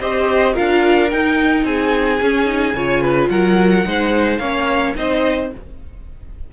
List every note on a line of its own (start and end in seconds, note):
0.00 0.57 C4
0.00 0.54 G4
0.00 0.54 C5
0.00 0.57 D#5
0.54 1.12 D4
0.54 1.09 F4
0.54 1.64 A#4
0.54 1.11 F5
1.11 2.21 D#4
1.11 1.65 D#4
1.11 1.65 G5
1.65 2.20 C4
1.65 2.77 G#4
1.65 3.29 G#5
2.22 2.74 C#4
2.22 2.46 C#4
2.46 2.74 D#4
2.74 3.29 C#3
2.74 3.85 F4
2.74 3.02 C#5
3.02 3.29 B4
3.29 3.85 F#3
3.29 3.86 A#4
3.29 4.38 F#5
3.85 4.39 G#3
3.85 4.40 D#4
3.85 4.40 C5
4.38 4.94 A#3
4.38 4.96 C#4
4.38 4.95 C#5
4.38 4.93 F5
4.96 5.52 C4
4.96 5.51 D#4
4.96 5.53 C5
4.96 5.51 D#5